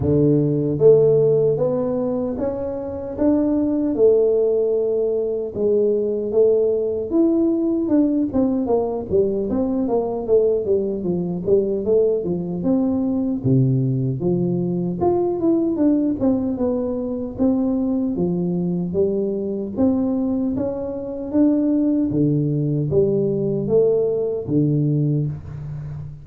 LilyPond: \new Staff \with { instrumentName = "tuba" } { \time 4/4 \tempo 4 = 76 d4 a4 b4 cis'4 | d'4 a2 gis4 | a4 e'4 d'8 c'8 ais8 g8 | c'8 ais8 a8 g8 f8 g8 a8 f8 |
c'4 c4 f4 f'8 e'8 | d'8 c'8 b4 c'4 f4 | g4 c'4 cis'4 d'4 | d4 g4 a4 d4 | }